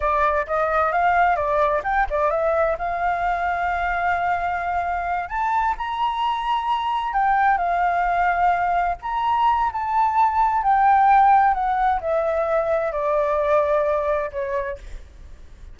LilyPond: \new Staff \with { instrumentName = "flute" } { \time 4/4 \tempo 4 = 130 d''4 dis''4 f''4 d''4 | g''8 d''8 e''4 f''2~ | f''2.~ f''8 a''8~ | a''8 ais''2. g''8~ |
g''8 f''2. ais''8~ | ais''4 a''2 g''4~ | g''4 fis''4 e''2 | d''2. cis''4 | }